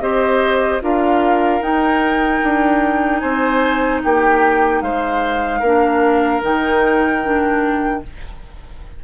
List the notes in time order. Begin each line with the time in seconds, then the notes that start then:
0.00 C4 G4 C5 D#5
0.81 D4 F4 A#4 F5
1.61 D#4 G5
2.43 D4
3.20 C4 C5 G#5
4.03 A#3 G4 G5
4.82 G#3 C5 F5
5.60 A#3 D4 A#4
6.42 D#3 D#4 G5
7.23 D4